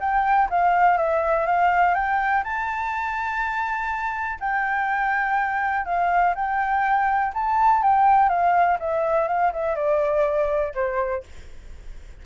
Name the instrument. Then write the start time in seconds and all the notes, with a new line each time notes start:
flute
0.00 G5
0.50 F5
0.98 E5
1.46 F5
1.95 G5
2.44 A5
4.40 G5
5.85 F5
6.35 G5
7.34 A5
7.83 G5
8.29 F5
8.79 E5
9.28 F5
9.53 E5
9.75 D5
10.74 C5